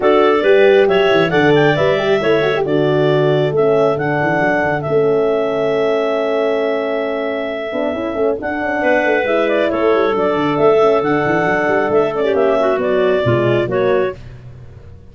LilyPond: <<
  \new Staff \with { instrumentName = "clarinet" } { \time 4/4 \tempo 4 = 136 d''2 e''4 fis''8 g''8 | e''2 d''2 | e''4 fis''2 e''4~ | e''1~ |
e''2. fis''4~ | fis''4 e''8 d''8 cis''4 d''4 | e''4 fis''2 e''8 d''8 | e''4 d''2 cis''4 | }
  \new Staff \with { instrumentName = "clarinet" } { \time 4/4 a'4 b'4 cis''4 d''4~ | d''4 cis''4 a'2~ | a'1~ | a'1~ |
a'1 | b'2 a'2~ | a'2.~ a'8. g'16~ | g'8 fis'4. f'4 fis'4 | }
  \new Staff \with { instrumentName = "horn" } { \time 4/4 fis'4 g'2 a'4 | b'8 g'8 e'8 fis'16 g'16 fis'2 | cis'4 d'2 cis'4~ | cis'1~ |
cis'4. d'8 e'8 cis'8 d'4~ | d'4 e'2 d'4~ | d'8 cis'8 d'2~ d'8 cis'8~ | cis'4 fis4 gis4 ais4 | }
  \new Staff \with { instrumentName = "tuba" } { \time 4/4 d'4 g4 fis8 e8 d4 | g4 a4 d2 | a4 d8 e8 fis8 d8 a4~ | a1~ |
a4. b8 cis'8 a8 d'8 cis'8 | b8 a8 gis4 a8 g8 fis8 d8 | a4 d8 e8 fis8 g8 a4 | ais4 b4 b,4 fis4 | }
>>